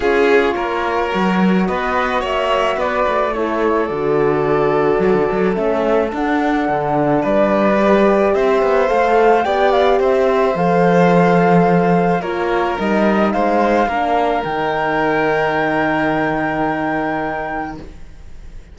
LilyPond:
<<
  \new Staff \with { instrumentName = "flute" } { \time 4/4 \tempo 4 = 108 cis''2. dis''4 | e''4 d''4 cis''4 d''4~ | d''2 e''4 fis''4~ | fis''4 d''2 e''4 |
f''4 g''8 f''8 e''4 f''4~ | f''2 cis''4 dis''4 | f''2 g''2~ | g''1 | }
  \new Staff \with { instrumentName = "violin" } { \time 4/4 gis'4 ais'2 b'4 | cis''4 b'4 a'2~ | a'1~ | a'4 b'2 c''4~ |
c''4 d''4 c''2~ | c''2 ais'2 | c''4 ais'2.~ | ais'1 | }
  \new Staff \with { instrumentName = "horn" } { \time 4/4 f'2 fis'2~ | fis'2 e'4 fis'4~ | fis'2 cis'4 d'4~ | d'2 g'2 |
a'4 g'2 a'4~ | a'2 f'4 dis'4~ | dis'4 d'4 dis'2~ | dis'1 | }
  \new Staff \with { instrumentName = "cello" } { \time 4/4 cis'4 ais4 fis4 b4 | ais4 b8 a4. d4~ | d4 fis16 d16 fis8 a4 d'4 | d4 g2 c'8 b8 |
a4 b4 c'4 f4~ | f2 ais4 g4 | gis4 ais4 dis2~ | dis1 | }
>>